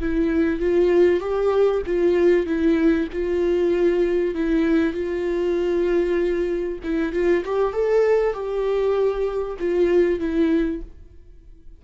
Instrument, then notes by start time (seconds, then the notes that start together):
viola
0.00 E4
0.60 F4
1.20 G4
1.86 F4
2.46 E4
3.12 F4
4.34 E4
4.93 F4
6.84 E4
7.12 F4
7.45 G4
7.73 A4
8.34 G4
9.59 F4
10.19 E4